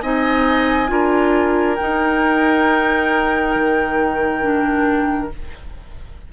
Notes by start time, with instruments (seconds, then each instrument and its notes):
0.00 bassoon C4, clarinet D#4, oboe D#5, flute G#5
0.87 bassoon D4, clarinet F4, oboe A#4
1.75 clarinet D#4, bassoon D#4, flute G5
3.55 bassoon D#3
4.41 clarinet D4